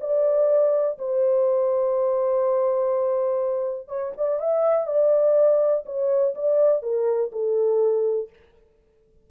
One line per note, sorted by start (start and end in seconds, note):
0.00 0.98 D5
0.98 3.88 C5
3.88 4.12 C#5
4.17 4.39 D5
4.39 4.86 E5
4.86 5.84 D5
5.85 6.34 C#5
6.34 6.82 D5
6.82 7.31 A#4
7.32 8.29 A4